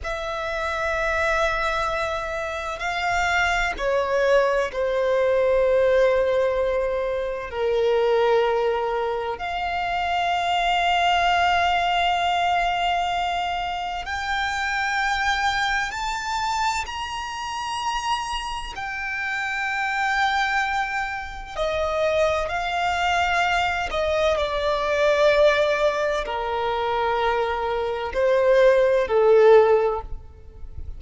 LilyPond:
\new Staff \with { instrumentName = "violin" } { \time 4/4 \tempo 4 = 64 e''2. f''4 | cis''4 c''2. | ais'2 f''2~ | f''2. g''4~ |
g''4 a''4 ais''2 | g''2. dis''4 | f''4. dis''8 d''2 | ais'2 c''4 a'4 | }